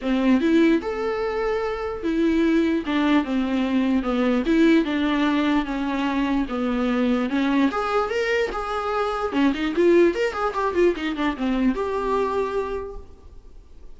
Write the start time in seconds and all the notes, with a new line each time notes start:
0.01 C4
0.40 E4
0.81 A4
2.03 E4
2.86 D4
3.24 C4
4.02 B3
4.46 E4
4.84 D4
5.65 C#4
6.48 B3
7.29 C#4
7.71 G#4
8.10 A#4
8.51 G#4
9.32 C#4
9.54 D#4
9.75 F4
10.14 A#4
10.33 G#4
10.54 G4
10.74 F4
10.96 D#4
11.16 D4
11.36 C4
11.75 G4